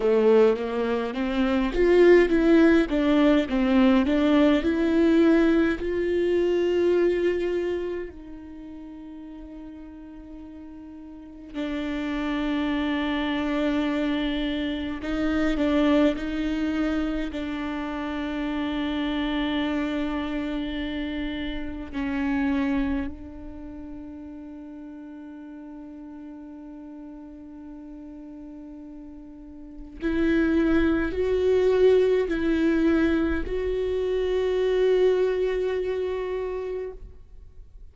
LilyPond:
\new Staff \with { instrumentName = "viola" } { \time 4/4 \tempo 4 = 52 a8 ais8 c'8 f'8 e'8 d'8 c'8 d'8 | e'4 f'2 dis'4~ | dis'2 d'2~ | d'4 dis'8 d'8 dis'4 d'4~ |
d'2. cis'4 | d'1~ | d'2 e'4 fis'4 | e'4 fis'2. | }